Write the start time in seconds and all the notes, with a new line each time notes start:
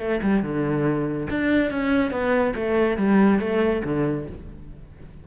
0.00 A3
0.23 G3
0.43 D3
1.30 D4
1.71 C#4
2.12 B3
2.56 A3
2.97 G3
3.40 A3
3.85 D3